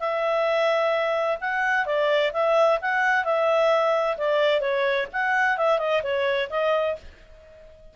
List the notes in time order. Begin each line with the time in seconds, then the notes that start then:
0.00 E5
1.41 F#5
1.86 D5
2.33 E5
2.82 F#5
3.25 E5
4.17 D5
4.61 C#5
5.13 F#5
5.58 E5
5.79 D#5
6.03 C#5
6.50 D#5